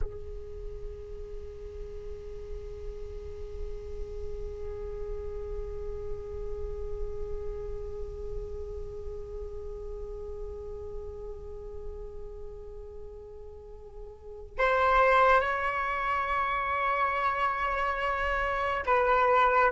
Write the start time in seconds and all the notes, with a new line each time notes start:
0.01 G#4
14.58 C5
15.41 C#5
18.86 B4